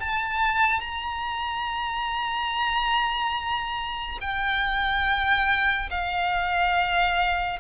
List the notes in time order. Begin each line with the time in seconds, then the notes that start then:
0.00 A5
0.81 A#5
4.21 G5
5.90 F5